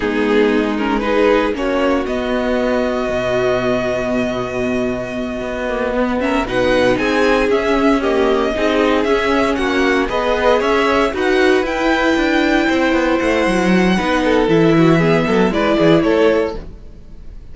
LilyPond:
<<
  \new Staff \with { instrumentName = "violin" } { \time 4/4 \tempo 4 = 116 gis'4. ais'8 b'4 cis''4 | dis''1~ | dis''1 | e''8 fis''4 gis''4 e''4 dis''8~ |
dis''4. e''4 fis''4 dis''8~ | dis''8 e''4 fis''4 g''4.~ | g''4. fis''2~ fis''8 | e''2 d''4 cis''4 | }
  \new Staff \with { instrumentName = "violin" } { \time 4/4 dis'2 gis'4 fis'4~ | fis'1~ | fis'2.~ fis'8 b'8 | ais'8 b'4 gis'2 g'8~ |
g'8 gis'2 fis'4 b'8~ | b'8 cis''4 b'2~ b'8~ | b'8 c''2~ c''8 b'8 a'8~ | a'8 fis'8 gis'8 a'8 b'8 gis'8 a'4 | }
  \new Staff \with { instrumentName = "viola" } { \time 4/4 b4. cis'8 dis'4 cis'4 | b1~ | b2. ais8 b8 | cis'8 dis'2 cis'4 ais8~ |
ais8 dis'4 cis'2 gis'8~ | gis'4. fis'4 e'4.~ | e'2. dis'4 | e'4 b4 e'2 | }
  \new Staff \with { instrumentName = "cello" } { \time 4/4 gis2. ais4 | b2 b,2~ | b,2~ b,8 b4.~ | b8 b,4 c'4 cis'4.~ |
cis'8 c'4 cis'4 ais4 b8~ | b8 cis'4 dis'4 e'4 d'8~ | d'8 c'8 b8 a8 fis4 b4 | e4. fis8 gis8 e8 a4 | }
>>